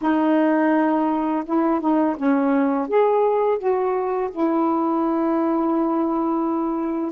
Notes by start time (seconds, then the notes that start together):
0.01 D#4
1.45 E4
1.80 D#4
2.16 C#4
2.88 G#4
3.58 F#4
4.30 E4